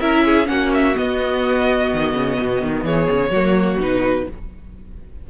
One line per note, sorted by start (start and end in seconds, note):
0.00 0.48 C#4
0.00 0.45 E4
0.00 0.24 A#4
0.00 0.47 E5
0.25 0.48 G#4
0.45 0.95 A#3
0.45 0.93 C#4
0.45 2.85 F#4
0.45 0.71 F#5
0.74 0.97 E5
0.95 3.31 B3
0.95 1.93 B3
0.95 2.85 D#5
1.93 2.14 D#3
2.14 2.38 C#3
2.40 2.62 B2
2.62 2.84 D#3
2.84 3.08 E3
2.84 3.31 G#4
2.84 3.79 C#5
3.10 3.30 C#3
3.30 3.77 F#3
3.30 3.80 A#3
3.30 4.25 F#4
3.80 4.27 B2
3.80 4.27 D#4
3.80 4.30 B4